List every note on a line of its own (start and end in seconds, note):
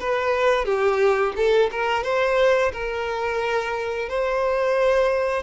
0.00 0.65 B4
0.65 1.33 G4
1.36 1.70 A4
1.71 2.04 A#4
2.04 2.72 C5
2.73 4.09 A#4
4.09 5.43 C5